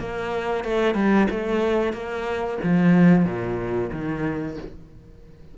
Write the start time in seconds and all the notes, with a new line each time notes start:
0.00 A#3
0.64 A3
0.95 G3
1.30 A3
1.93 A#3
2.64 F3
3.25 A#2
3.92 D#3